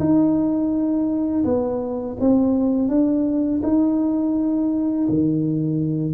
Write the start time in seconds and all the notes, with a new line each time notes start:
0.00 D#4
1.45 B3
2.20 C4
2.89 D4
3.63 D#4
5.09 D#3